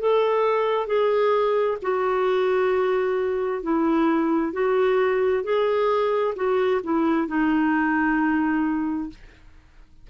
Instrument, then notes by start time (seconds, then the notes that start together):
clarinet
0.00 A4
0.87 G#4
1.82 F#4
3.63 E4
4.53 F#4
5.43 G#4
6.36 F#4
6.83 E4
7.28 D#4